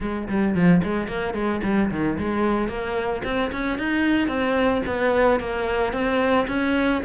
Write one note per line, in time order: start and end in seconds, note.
0.00 0.28 G#3
0.28 0.54 G3
0.54 0.81 F3
0.83 1.07 G#3
1.07 1.34 A#3
1.34 1.61 G#3
1.63 1.90 G3
1.91 2.17 D#3
2.18 2.68 G#3
2.68 3.22 A#3
3.24 3.51 C4
3.51 3.78 C#4
3.78 4.28 D#4
4.28 4.82 C4
4.86 5.40 B3
5.40 5.92 A#3
5.92 6.46 C4
6.47 7.01 C#4